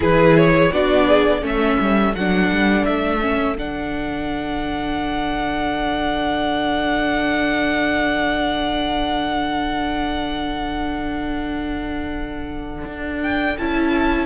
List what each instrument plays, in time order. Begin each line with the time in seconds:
0.00 cello E3, viola E4, violin G#4 B4
0.37 violin C#5
0.72 cello B3, viola D4, violin F#4 D5
1.07 violin G#4
1.41 cello A3, viola C#4, violin A4 E5
1.79 cello G3
2.14 cello F#3, viola D4, violin F#5
2.50 cello G3
2.85 cello A3, violin E5
3.21 viola C#4
3.57 cello D3, viola D4, violin F#5
12.85 cello D4
13.22 violin G5
13.57 cello C#4, viola E4, violin A5